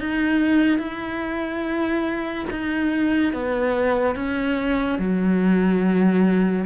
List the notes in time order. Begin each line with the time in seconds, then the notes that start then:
0.00 D#4
0.79 E4
2.51 D#4
3.33 B3
4.16 C#4
4.99 F#3